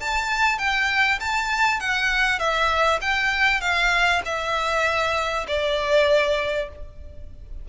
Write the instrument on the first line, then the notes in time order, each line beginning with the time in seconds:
violin
0.00 A5
0.59 G5
1.20 A5
1.80 F#5
2.39 E5
3.01 G5
3.61 F5
4.25 E5
5.48 D5